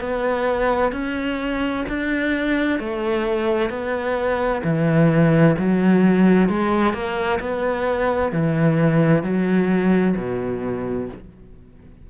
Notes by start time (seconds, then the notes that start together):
0.00 B3
0.92 C#4
1.88 D4
2.79 A3
3.69 B3
4.63 E3
5.58 F#3
6.49 G#3
6.93 A#3
7.40 B3
8.32 E3
9.23 F#3
10.17 B2